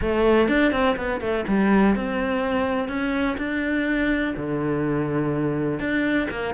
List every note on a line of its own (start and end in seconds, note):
0.01 0.48 A3
0.48 0.71 D4
0.71 0.96 C4
0.96 1.20 B3
1.20 1.45 A3
1.47 1.95 G3
1.95 2.88 C4
2.88 3.36 C#4
3.37 4.34 D4
4.36 5.79 D3
5.79 6.27 D4
6.30 6.54 A#3